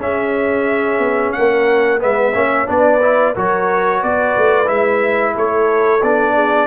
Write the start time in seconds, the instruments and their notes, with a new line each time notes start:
0.00 tuba C#4, trombone C#4, horn G#4, trumpet E5
0.99 tuba B3
1.32 tuba A#3, horn A#4, trumpet F#5
1.99 tuba G#3, trombone B3, horn B4, trumpet E5
2.34 tuba A#3, trombone C#4, horn C#5
2.66 tuba B3, trombone D4, horn B4, trumpet D5
3.01 trombone E4
3.33 tuba F#3, trombone F#4, horn A#4, trumpet C#5
3.99 tuba B3, horn B4, trumpet D5
4.37 tuba A3
4.66 tuba G#3, trombone E4, trumpet E5
5.34 tuba A3, horn A4, trumpet C#5
6.02 tuba B3, trombone D4, trumpet D5
6.34 horn G#4